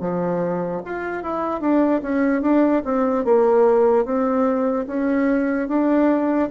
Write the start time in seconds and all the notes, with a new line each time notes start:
0.00 F3
0.85 F4
1.23 E4
1.60 D4
2.02 C#4
2.42 D4
2.85 C4
3.24 A#3
4.05 C4
4.86 C#4
5.68 D4